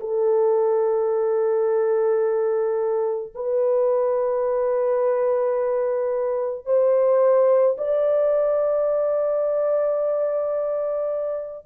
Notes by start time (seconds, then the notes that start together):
0.00 A4
3.35 B4
6.66 C5
7.78 D5